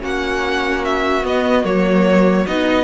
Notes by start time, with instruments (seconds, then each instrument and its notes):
0.00 cello A#3, viola C#4, violin F#4 F#5
0.85 violin E5
1.23 viola B3, cello B3, violin D#5
1.64 cello F#3, viola A#3, violin C#5
2.47 cello B3, viola D#4, violin D#5